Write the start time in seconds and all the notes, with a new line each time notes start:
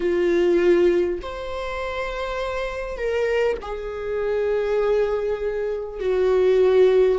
0.00 F4
1.22 C5
2.97 A#4
3.61 G#4
6.00 F#4